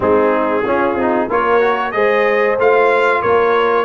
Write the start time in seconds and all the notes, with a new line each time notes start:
0.00 G#3 C4 D#4 G#4
0.64 C#4 F4
0.95 C4 D#4
1.27 A#3 F4 A#4 C#5
1.60 F#4
1.91 G#3 G#4 C5 D#5
2.58 A3 F4 F5
3.21 A#3 A#4 C#5